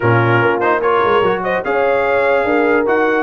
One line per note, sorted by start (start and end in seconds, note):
0.00 0.41 A#2
0.00 0.61 C#4
0.00 0.80 F4
0.00 0.60 A#4
0.41 1.02 A#3
0.60 0.81 D#4
0.60 0.80 C5
0.81 1.22 F4
0.81 1.42 A#4
0.81 1.43 C#5
1.03 1.21 G#3
1.21 1.62 F#3
1.21 1.64 F#4
1.43 1.64 C5
1.43 1.64 D#5
1.64 2.44 C#4
1.64 2.85 G#4
1.64 2.45 C#5
1.64 2.86 F5
2.44 2.84 D4
2.44 3.22 A#4
2.85 3.22 D#4
2.85 3.22 F#4
2.85 3.22 F#5